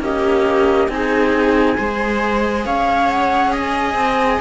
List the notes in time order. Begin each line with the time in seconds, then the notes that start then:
0.00 A#3 C#4 G4 D#5
0.88 C4 D#4 G#5
0.94 G#4
1.78 G#3 G#4 C5
2.65 C#4 C#5 F5
3.10 F#5
3.53 D#5 G#5
3.95 C4